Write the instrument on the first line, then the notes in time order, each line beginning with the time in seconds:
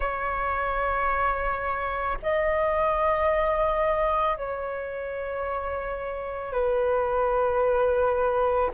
flute
0.00 C#5
2.22 D#5
4.36 C#5
6.52 B4